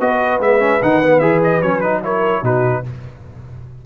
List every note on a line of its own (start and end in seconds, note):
0.00 0.40 B3
0.00 0.40 F#4
0.00 2.03 B4
0.00 0.41 D#5
0.40 0.80 G#3
0.40 0.59 B3
0.40 0.82 E5
0.59 0.80 C#4
0.82 1.21 D#3
0.82 1.03 D#4
0.82 1.19 F#5
1.03 1.21 B3
1.19 1.62 E3
1.19 1.61 G#4
1.19 1.40 E5
1.43 1.62 D#5
1.62 2.42 F#3
1.62 1.82 C#4
1.62 1.81 C#5
1.81 2.03 D#4
1.81 2.01 B4
2.03 2.43 E4
2.03 2.42 A#4
2.03 2.45 C#5
2.42 2.83 B2
2.42 2.84 D#4
2.42 2.82 F#4
2.42 2.86 B4